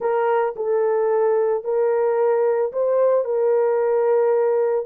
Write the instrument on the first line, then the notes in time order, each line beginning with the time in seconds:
horn
0.00 A#4
0.56 A4
1.64 A#4
2.72 C5
3.24 A#4